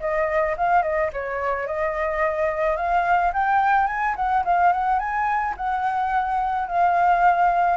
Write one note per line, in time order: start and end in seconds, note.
0.00 0.56 D#5
0.57 0.83 F5
0.83 1.10 D#5
1.13 1.67 C#5
1.67 2.77 D#5
2.77 3.32 F5
3.33 3.87 G5
3.87 4.15 G#5
4.16 4.44 F#5
4.45 4.72 F5
4.72 4.99 F#5
4.99 5.55 G#5
5.57 6.68 F#5
6.68 7.77 F5